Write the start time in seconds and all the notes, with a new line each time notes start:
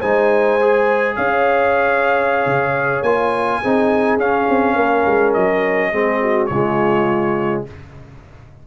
0.00 G#3 D#4 C5 G#5
0.61 G#4
1.16 C#4 C#5 F5
2.46 C#3
3.02 A#3 F4 G#5
3.61 C4 D#4 G#4
4.17 C#4 F5
4.50 C4
4.76 A#3 A#4
5.06 G#3
5.34 F#3 D#5
5.92 G#3 C4 G#4
6.22 F#4
6.46 C#3 G#3 F4 C#5